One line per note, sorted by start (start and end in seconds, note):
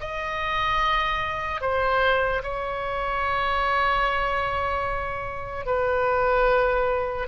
0.00 1.61 D#5
1.61 2.42 C5
2.43 5.66 C#5
5.66 7.28 B4